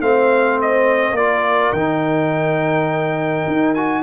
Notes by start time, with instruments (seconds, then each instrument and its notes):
0.00 tuba A3, trombone C4, horn C5, trumpet F5
0.61 trumpet D#5
1.12 tuba A#3, trombone F4, horn A#4, trumpet D5
1.72 tuba D#3, trombone D#4, trumpet G5
3.47 tuba D#4
3.74 trombone F#4, trumpet G#5